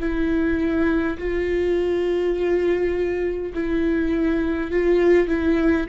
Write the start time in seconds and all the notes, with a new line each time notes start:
0.00 E4
1.18 F4
3.54 E4
4.71 F4
5.28 E4